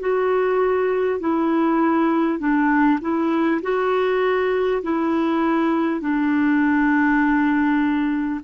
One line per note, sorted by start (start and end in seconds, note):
0.00 1.20 F#4
1.20 2.39 E4
2.39 2.99 D4
3.01 3.61 E4
3.63 4.83 F#4
4.83 6.01 E4
6.01 8.41 D4